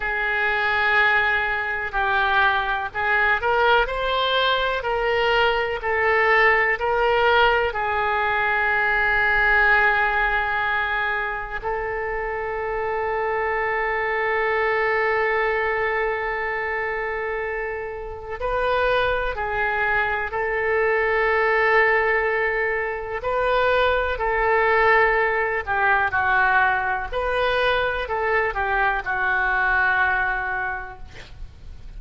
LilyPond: \new Staff \with { instrumentName = "oboe" } { \time 4/4 \tempo 4 = 62 gis'2 g'4 gis'8 ais'8 | c''4 ais'4 a'4 ais'4 | gis'1 | a'1~ |
a'2. b'4 | gis'4 a'2. | b'4 a'4. g'8 fis'4 | b'4 a'8 g'8 fis'2 | }